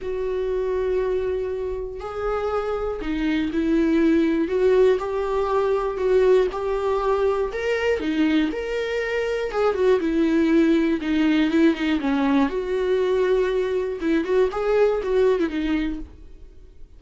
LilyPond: \new Staff \with { instrumentName = "viola" } { \time 4/4 \tempo 4 = 120 fis'1 | gis'2 dis'4 e'4~ | e'4 fis'4 g'2 | fis'4 g'2 ais'4 |
dis'4 ais'2 gis'8 fis'8 | e'2 dis'4 e'8 dis'8 | cis'4 fis'2. | e'8 fis'8 gis'4 fis'8. e'16 dis'4 | }